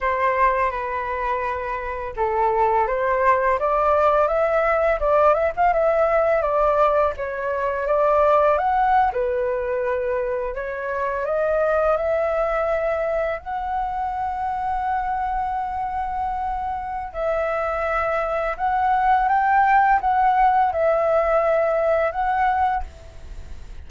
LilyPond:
\new Staff \with { instrumentName = "flute" } { \time 4/4 \tempo 4 = 84 c''4 b'2 a'4 | c''4 d''4 e''4 d''8 e''16 f''16 | e''4 d''4 cis''4 d''4 | fis''8. b'2 cis''4 dis''16~ |
dis''8. e''2 fis''4~ fis''16~ | fis''1 | e''2 fis''4 g''4 | fis''4 e''2 fis''4 | }